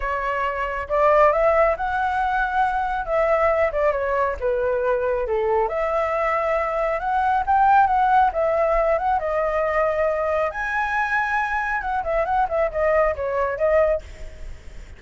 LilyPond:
\new Staff \with { instrumentName = "flute" } { \time 4/4 \tempo 4 = 137 cis''2 d''4 e''4 | fis''2. e''4~ | e''8 d''8 cis''4 b'2 | a'4 e''2. |
fis''4 g''4 fis''4 e''4~ | e''8 fis''8 dis''2. | gis''2. fis''8 e''8 | fis''8 e''8 dis''4 cis''4 dis''4 | }